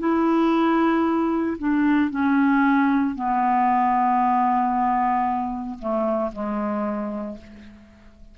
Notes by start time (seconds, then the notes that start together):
0.00 E4
1.58 D4
2.11 C#4
3.16 B3
5.79 A3
6.33 G#3